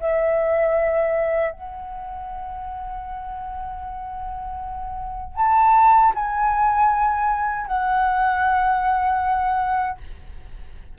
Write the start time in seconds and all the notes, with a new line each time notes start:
0.00 E5
1.52 F#5
5.36 A5
6.15 G#5
7.67 F#5